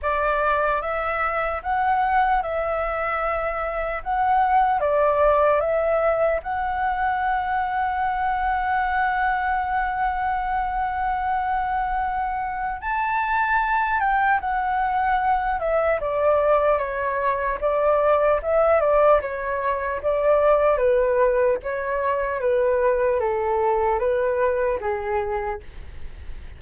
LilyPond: \new Staff \with { instrumentName = "flute" } { \time 4/4 \tempo 4 = 75 d''4 e''4 fis''4 e''4~ | e''4 fis''4 d''4 e''4 | fis''1~ | fis''1 |
a''4. g''8 fis''4. e''8 | d''4 cis''4 d''4 e''8 d''8 | cis''4 d''4 b'4 cis''4 | b'4 a'4 b'4 gis'4 | }